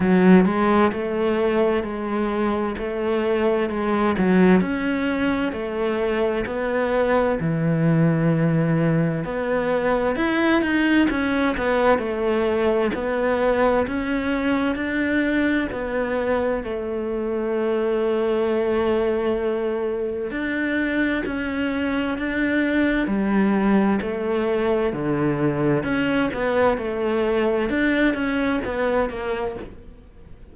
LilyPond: \new Staff \with { instrumentName = "cello" } { \time 4/4 \tempo 4 = 65 fis8 gis8 a4 gis4 a4 | gis8 fis8 cis'4 a4 b4 | e2 b4 e'8 dis'8 | cis'8 b8 a4 b4 cis'4 |
d'4 b4 a2~ | a2 d'4 cis'4 | d'4 g4 a4 d4 | cis'8 b8 a4 d'8 cis'8 b8 ais8 | }